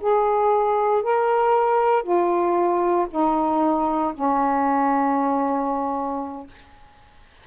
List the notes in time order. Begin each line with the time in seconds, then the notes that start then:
0.00 G#4
1.03 A#4
2.03 F4
3.10 D#4
4.14 C#4